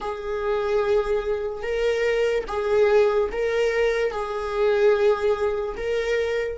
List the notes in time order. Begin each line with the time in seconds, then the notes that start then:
0.00 G#4
1.62 A#4
2.47 G#4
3.32 A#4
4.11 G#4
5.76 A#4